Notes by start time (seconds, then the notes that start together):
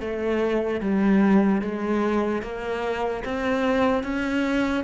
0.00 A3
0.80 G3
1.61 G#3
2.42 A#3
3.25 C4
4.03 C#4